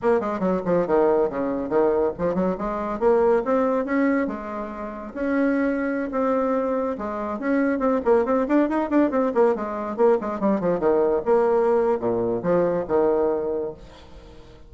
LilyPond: \new Staff \with { instrumentName = "bassoon" } { \time 4/4 \tempo 4 = 140 ais8 gis8 fis8 f8 dis4 cis4 | dis4 f8 fis8 gis4 ais4 | c'4 cis'4 gis2 | cis'2~ cis'16 c'4.~ c'16~ |
c'16 gis4 cis'4 c'8 ais8 c'8 d'16~ | d'16 dis'8 d'8 c'8 ais8 gis4 ais8 gis16~ | gis16 g8 f8 dis4 ais4.~ ais16 | ais,4 f4 dis2 | }